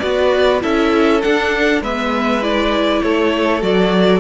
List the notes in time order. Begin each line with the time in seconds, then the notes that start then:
0.00 B3 F#4 B4 D5
0.60 C#4 E4 A4 E5
1.22 D4 F#5
1.82 G#3 B3 B4 E5
2.42 E4 D5
3.03 A3 A4 C#5
3.62 F#3 F#4 D5